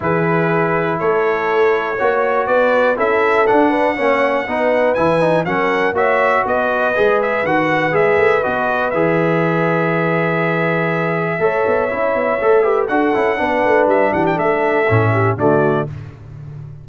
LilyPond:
<<
  \new Staff \with { instrumentName = "trumpet" } { \time 4/4 \tempo 4 = 121 b'2 cis''2~ | cis''4 d''4 e''4 fis''4~ | fis''2 gis''4 fis''4 | e''4 dis''4. e''8 fis''4 |
e''4 dis''4 e''2~ | e''1~ | e''2 fis''2 | e''8 fis''16 g''16 e''2 d''4 | }
  \new Staff \with { instrumentName = "horn" } { \time 4/4 gis'2 a'2 | cis''4 b'4 a'4. b'8 | cis''4 b'2 ais'4 | cis''4 b'2.~ |
b'1~ | b'2. cis''4~ | cis''4. b'8 a'4 b'4~ | b'8 g'8 a'4. g'8 fis'4 | }
  \new Staff \with { instrumentName = "trombone" } { \time 4/4 e'1 | fis'2 e'4 d'4 | cis'4 dis'4 e'8 dis'8 cis'4 | fis'2 gis'4 fis'4 |
gis'4 fis'4 gis'2~ | gis'2. a'4 | e'4 a'8 g'8 fis'8 e'8 d'4~ | d'2 cis'4 a4 | }
  \new Staff \with { instrumentName = "tuba" } { \time 4/4 e2 a2 | ais4 b4 cis'4 d'4 | ais4 b4 e4 fis4 | ais4 b4 gis4 dis4 |
gis8 a8 b4 e2~ | e2. a8 b8 | cis'8 b8 a4 d'8 cis'8 b8 a8 | g8 e8 a4 a,4 d4 | }
>>